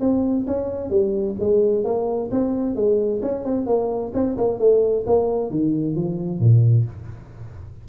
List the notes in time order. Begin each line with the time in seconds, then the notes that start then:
0.00 C4
0.47 C#4
0.90 G3
1.40 G#3
1.84 A#3
2.31 C4
2.75 G#3
3.22 C#4
3.45 C4
3.66 A#3
4.14 C4
4.37 A#3
4.59 A3
5.06 A#3
5.50 D#3
5.96 F3
6.40 A#2